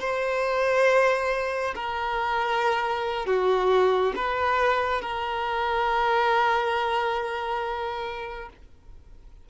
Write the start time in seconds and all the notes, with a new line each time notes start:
0.00 C5
1.75 A#4
3.26 F#4
4.16 B4
5.01 A#4